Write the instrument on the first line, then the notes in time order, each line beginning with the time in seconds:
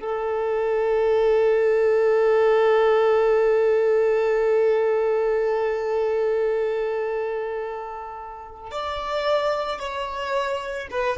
violin
0.00 A4
8.71 D5
9.79 C#5
10.91 B4